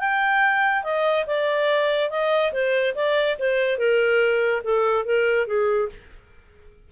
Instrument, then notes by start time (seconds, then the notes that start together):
clarinet
0.00 G5
0.84 D#5
1.27 D5
2.11 D#5
2.53 C5
2.95 D5
3.40 C5
3.79 A#4
4.64 A4
5.05 A#4
5.48 G#4